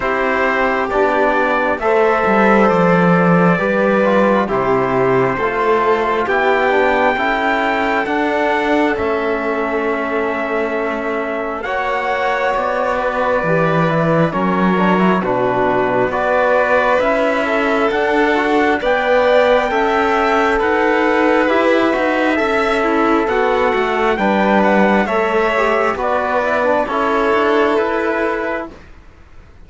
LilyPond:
<<
  \new Staff \with { instrumentName = "trumpet" } { \time 4/4 \tempo 4 = 67 c''4 d''4 e''4 d''4~ | d''4 c''2 g''4~ | g''4 fis''4 e''2~ | e''4 fis''4 d''2 |
cis''4 b'4 d''4 e''4 | fis''4 g''2 fis''4 | e''2 fis''4 g''8 fis''8 | e''4 d''4 cis''4 b'4 | }
  \new Staff \with { instrumentName = "violin" } { \time 4/4 g'2 c''2 | b'4 g'4 a'4 g'4 | a'1~ | a'4 cis''4. b'4. |
ais'4 fis'4 b'4. a'8~ | a'4 d''4 e''4 b'4~ | b'4 e''8 e'8 fis'4 b'4 | cis''4 b'4 a'2 | }
  \new Staff \with { instrumentName = "trombone" } { \time 4/4 e'4 d'4 a'2 | g'8 f'8 e'4 f'4 e'8 d'8 | e'4 d'4 cis'2~ | cis'4 fis'2 g'8 e'8 |
cis'8 d'16 e'16 d'4 fis'4 e'4 | d'8 fis'8 b'4 a'2 | g'8 fis'8 a'2 d'4 | a'8 g'8 fis'8 e'16 d'16 e'2 | }
  \new Staff \with { instrumentName = "cello" } { \time 4/4 c'4 b4 a8 g8 f4 | g4 c4 a4 b4 | cis'4 d'4 a2~ | a4 ais4 b4 e4 |
fis4 b,4 b4 cis'4 | d'4 b4 cis'4 dis'4 | e'8 dis'8 cis'4 b8 a8 g4 | a4 b4 cis'8 d'8 e'4 | }
>>